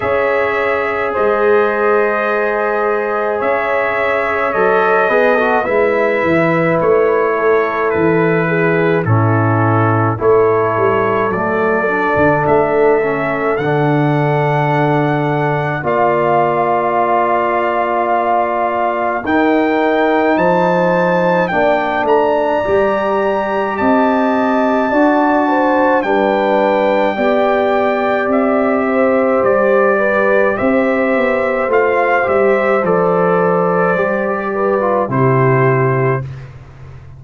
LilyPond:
<<
  \new Staff \with { instrumentName = "trumpet" } { \time 4/4 \tempo 4 = 53 e''4 dis''2 e''4 | dis''4 e''4 cis''4 b'4 | a'4 cis''4 d''4 e''4 | fis''2 f''2~ |
f''4 g''4 a''4 g''8 ais''8~ | ais''4 a''2 g''4~ | g''4 e''4 d''4 e''4 | f''8 e''8 d''2 c''4 | }
  \new Staff \with { instrumentName = "horn" } { \time 4/4 cis''4 c''2 cis''4~ | cis''8 b'16 a'16 b'4. a'4 gis'8 | e'4 a'2.~ | a'2 d''2~ |
d''4 ais'4 c''4 d''4~ | d''4 dis''4 d''8 c''8 b'4 | d''4. c''4 b'8 c''4~ | c''2~ c''8 b'8 g'4 | }
  \new Staff \with { instrumentName = "trombone" } { \time 4/4 gis'1 | a'8 gis'16 fis'16 e'2. | cis'4 e'4 a8 d'4 cis'8 | d'2 f'2~ |
f'4 dis'2 d'4 | g'2 fis'4 d'4 | g'1 | f'8 g'8 a'4 g'8. f'16 e'4 | }
  \new Staff \with { instrumentName = "tuba" } { \time 4/4 cis'4 gis2 cis'4 | fis8 b8 gis8 e8 a4 e4 | a,4 a8 g8 fis8. d16 a4 | d2 ais2~ |
ais4 dis'4 f4 ais8 a8 | g4 c'4 d'4 g4 | b4 c'4 g4 c'8 b8 | a8 g8 f4 g4 c4 | }
>>